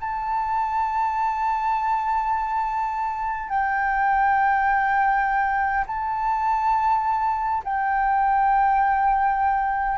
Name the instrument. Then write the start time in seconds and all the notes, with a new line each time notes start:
flute
0.00 A5
3.49 G5
5.87 A5
7.64 G5